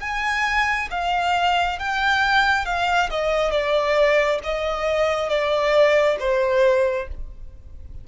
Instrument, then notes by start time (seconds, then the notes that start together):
violin
0.00 G#5
0.91 F5
1.78 G5
2.66 F5
3.10 D#5
3.51 D5
4.43 D#5
5.29 D5
6.19 C5